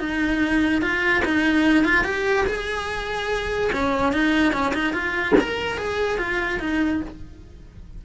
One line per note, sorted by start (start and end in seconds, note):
0.00 0.82 D#4
0.82 1.23 F4
1.25 1.85 D#4
1.85 2.05 F4
2.05 2.46 G4
2.47 3.71 G#4
3.73 4.13 C#4
4.13 4.53 D#4
4.53 4.74 C#4
4.75 4.94 D#4
4.94 5.35 F4
5.41 5.78 A#4
5.78 6.19 G#4
6.19 6.60 F4
6.60 7.02 D#4